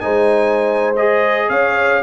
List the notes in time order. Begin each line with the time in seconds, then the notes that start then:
0.00 G#3 D#4 C5 G#5
0.96 G#4 D#5
1.49 C#4 C#5 F5